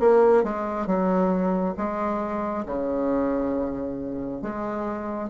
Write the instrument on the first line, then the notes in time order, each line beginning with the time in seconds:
bassoon
0.00 A#3
0.43 G#3
0.87 F#3
1.77 G#3
2.66 C#3
4.42 G#3